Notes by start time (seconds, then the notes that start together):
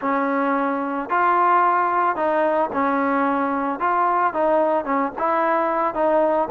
0.01 C#4
1.09 F4
2.15 D#4
2.72 C#4
3.79 F4
4.33 D#4
4.85 C#4
5.18 E4
5.94 D#4